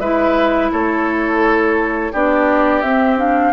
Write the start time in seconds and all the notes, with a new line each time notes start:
0.00 G#3 E4 B4 E5
0.73 A3 A4 C#5
2.12 B3 D4 G4 D5
2.82 C4 E5
3.18 D4 F5